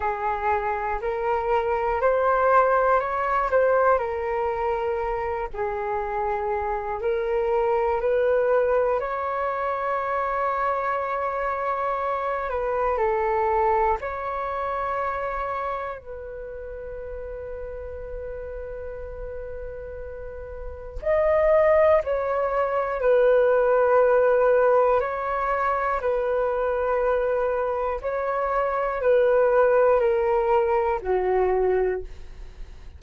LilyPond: \new Staff \with { instrumentName = "flute" } { \time 4/4 \tempo 4 = 60 gis'4 ais'4 c''4 cis''8 c''8 | ais'4. gis'4. ais'4 | b'4 cis''2.~ | cis''8 b'8 a'4 cis''2 |
b'1~ | b'4 dis''4 cis''4 b'4~ | b'4 cis''4 b'2 | cis''4 b'4 ais'4 fis'4 | }